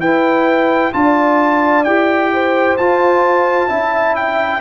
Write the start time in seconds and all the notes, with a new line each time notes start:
0.00 E4 B4 G5
0.93 D4 F4 D5 A5
1.84 E4 G4 G5
2.34 C5
2.78 F4 A5
3.69 C#4 E4 E5
4.16 G5